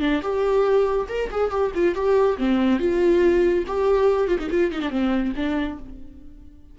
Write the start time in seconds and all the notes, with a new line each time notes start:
0.00 D4
0.22 G4
1.08 A#4
1.31 G#4
1.50 G4
1.74 F4
1.95 G4
2.38 C4
2.79 F4
3.67 G4
4.27 F4
4.38 D#4
4.50 F4
4.71 D#4
4.81 D4
4.90 C4
5.36 D4